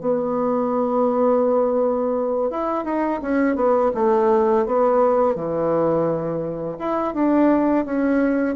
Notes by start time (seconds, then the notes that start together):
0.00 B3
2.50 E4
2.84 D#4
3.22 C#4
3.55 B3
3.94 A3
4.66 B3
5.35 E3
6.79 E4
7.14 D4
7.85 C#4